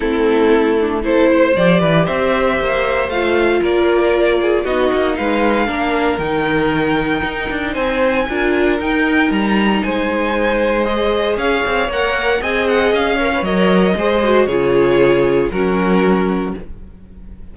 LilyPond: <<
  \new Staff \with { instrumentName = "violin" } { \time 4/4 \tempo 4 = 116 a'2 c''4 d''4 | e''2 f''4 d''4~ | d''4 dis''4 f''2 | g''2. gis''4~ |
gis''4 g''4 ais''4 gis''4~ | gis''4 dis''4 f''4 fis''4 | gis''8 fis''8 f''4 dis''2 | cis''2 ais'2 | }
  \new Staff \with { instrumentName = "violin" } { \time 4/4 e'2 a'8 c''4 b'8 | c''2. ais'4~ | ais'8 gis'8 fis'4 b'4 ais'4~ | ais'2. c''4 |
ais'2. c''4~ | c''2 cis''2 | dis''4. cis''4. c''4 | gis'2 fis'2 | }
  \new Staff \with { instrumentName = "viola" } { \time 4/4 c'4. d'8 e'4 g'4~ | g'2 f'2~ | f'4 dis'2 d'4 | dis'1 |
f'4 dis'2.~ | dis'4 gis'2 ais'4 | gis'4. ais'16 b'16 ais'4 gis'8 fis'8 | f'2 cis'2 | }
  \new Staff \with { instrumentName = "cello" } { \time 4/4 a2. f8 e8 | c'4 ais4 a4 ais4~ | ais4 b8 ais8 gis4 ais4 | dis2 dis'8 d'8 c'4 |
d'4 dis'4 g4 gis4~ | gis2 cis'8 c'8 ais4 | c'4 cis'4 fis4 gis4 | cis2 fis2 | }
>>